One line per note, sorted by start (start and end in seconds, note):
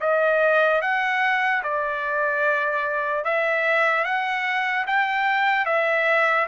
0.00 0.81 D#5
0.81 1.63 F#5
1.63 3.24 D5
3.24 4.04 E5
4.04 4.85 F#5
4.86 5.65 G5
5.65 6.46 E5